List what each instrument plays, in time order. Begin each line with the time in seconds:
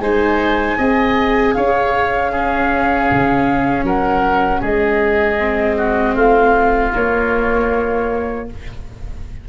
0.00 tuba G#3, viola D#4, oboe C5, flute G#5
0.78 tuba C4, viola G#4, oboe D#5
1.54 tuba C#4, oboe C#5, flute F5
2.32 viola C#4, oboe G#4
3.12 tuba C#3
3.84 tuba F#3, oboe A#4, flute F#5
4.61 tuba G#3, oboe G#4, flute D#5
5.39 viola C4
5.77 oboe F#4
6.15 tuba A3, oboe F4, flute F5
6.92 viola A#3, tuba A#3, flute C#5